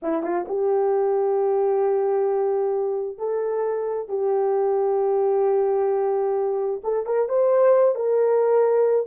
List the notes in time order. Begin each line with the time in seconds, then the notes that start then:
0.02 E4
0.23 F4
0.48 G4
3.18 A4
4.08 G4
6.83 A4
7.06 A#4
7.28 C5
7.95 A#4